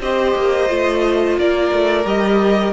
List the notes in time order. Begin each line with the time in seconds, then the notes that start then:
0.00 C4 G4 C5 D#5
0.36 A#3
0.68 A3 F4
1.37 A#3 A#4 D5
1.72 A3
2.05 G3 G4 D#5